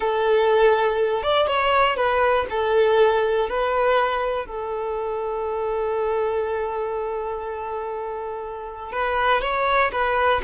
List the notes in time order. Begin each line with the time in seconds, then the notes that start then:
0.00 A4
1.22 D5
1.47 C#5
1.96 B4
2.50 A4
3.49 B4
4.45 A4
8.91 B4
9.41 C#5
9.92 B4